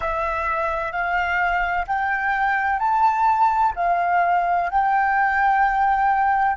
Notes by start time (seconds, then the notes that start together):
0.00 E5
0.92 F5
1.87 G5
2.79 A5
3.75 F5
4.69 G5